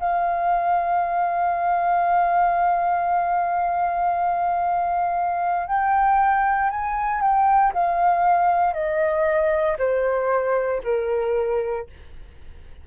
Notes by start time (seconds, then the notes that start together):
0.00 F5
5.68 G5
6.70 G#5
7.21 G5
7.74 F5
8.74 D#5
9.79 C5
10.83 A#4